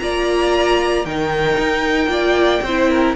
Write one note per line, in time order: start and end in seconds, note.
0.00 1.05 A#3
0.00 1.06 F4
0.00 1.06 D5
0.00 1.05 A#5
1.05 1.58 D#3
1.05 2.08 D#4
1.05 2.12 A#4
1.05 3.16 G5
1.58 2.08 D#4
2.08 2.60 A#3
2.08 2.61 F4
2.08 2.64 D5
2.62 3.15 C4
2.62 2.90 C5
2.68 3.16 E4
2.90 3.16 A#4